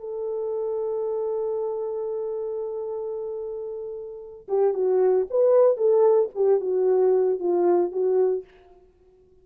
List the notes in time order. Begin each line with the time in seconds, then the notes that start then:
0.00 A4
4.49 G4
4.74 F#4
5.30 B4
5.77 A4
6.35 G4
6.61 F#4
7.40 F4
7.92 F#4